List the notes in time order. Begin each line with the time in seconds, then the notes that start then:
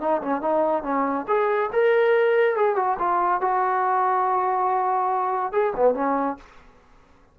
0.00 D#4
0.22 C#4
0.41 D#4
0.83 C#4
1.27 G#4
1.72 A#4
2.56 G#4
2.76 F#4
2.99 F4
3.41 F#4
5.52 G#4
5.76 B3
5.94 C#4